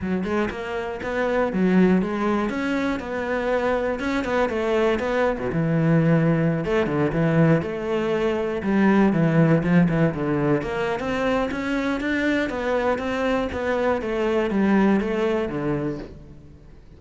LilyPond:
\new Staff \with { instrumentName = "cello" } { \time 4/4 \tempo 4 = 120 fis8 gis8 ais4 b4 fis4 | gis4 cis'4 b2 | cis'8 b8 a4 b8. b,16 e4~ | e4~ e16 a8 d8 e4 a8.~ |
a4~ a16 g4 e4 f8 e16~ | e16 d4 ais8. c'4 cis'4 | d'4 b4 c'4 b4 | a4 g4 a4 d4 | }